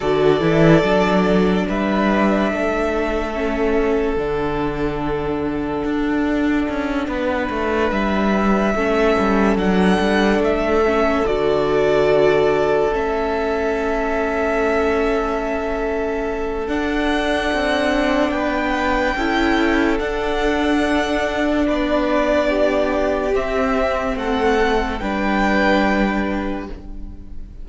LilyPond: <<
  \new Staff \with { instrumentName = "violin" } { \time 4/4 \tempo 4 = 72 d''2 e''2~ | e''4 fis''2.~ | fis''4. e''2 fis''8~ | fis''8 e''4 d''2 e''8~ |
e''1 | fis''2 g''2 | fis''2 d''2 | e''4 fis''4 g''2 | }
  \new Staff \with { instrumentName = "violin" } { \time 4/4 a'2 b'4 a'4~ | a'1~ | a'8 b'2 a'4.~ | a'1~ |
a'1~ | a'2 b'4 a'4~ | a'2 b'4 g'4~ | g'4 a'4 b'2 | }
  \new Staff \with { instrumentName = "viola" } { \time 4/4 fis'8 e'8 d'2. | cis'4 d'2.~ | d'2~ d'8 cis'4 d'8~ | d'4 cis'8 fis'2 cis'8~ |
cis'1 | d'2. e'4 | d'1 | c'2 d'2 | }
  \new Staff \with { instrumentName = "cello" } { \time 4/4 d8 e8 fis4 g4 a4~ | a4 d2 d'4 | cis'8 b8 a8 g4 a8 g8 fis8 | g8 a4 d2 a8~ |
a1 | d'4 c'4 b4 cis'4 | d'2 b2 | c'4 a4 g2 | }
>>